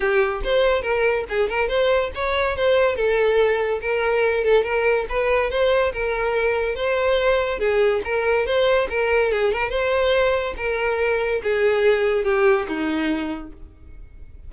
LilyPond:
\new Staff \with { instrumentName = "violin" } { \time 4/4 \tempo 4 = 142 g'4 c''4 ais'4 gis'8 ais'8 | c''4 cis''4 c''4 a'4~ | a'4 ais'4. a'8 ais'4 | b'4 c''4 ais'2 |
c''2 gis'4 ais'4 | c''4 ais'4 gis'8 ais'8 c''4~ | c''4 ais'2 gis'4~ | gis'4 g'4 dis'2 | }